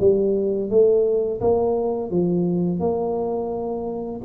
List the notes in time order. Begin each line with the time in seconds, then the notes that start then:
0.00 G3
0.70 A3
1.41 A#3
2.11 F3
2.80 A#3